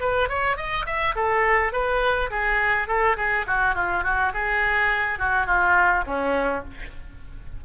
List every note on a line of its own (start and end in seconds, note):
0.00 0.29 B4
0.29 0.57 C#5
0.57 0.85 D#5
0.86 1.15 E5
1.16 1.72 A4
1.72 2.30 B4
2.31 2.87 G#4
2.87 3.16 A4
3.17 3.45 G#4
3.47 3.74 F#4
3.74 4.03 F4
4.04 4.32 F#4
4.33 5.18 G#4
5.18 5.47 F#4
5.47 6.04 F4
6.06 6.64 C#4